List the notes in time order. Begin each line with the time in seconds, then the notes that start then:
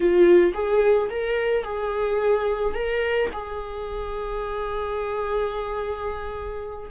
0.00 F4
0.54 G#4
1.10 A#4
1.64 G#4
2.74 A#4
3.32 G#4